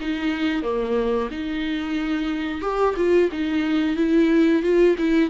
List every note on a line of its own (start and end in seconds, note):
0.00 0.62 D#4
0.62 1.29 A#3
1.31 2.61 D#4
2.61 2.95 G4
2.96 3.30 F4
3.32 3.96 D#4
3.96 4.62 E4
4.62 4.95 F4
4.98 5.30 E4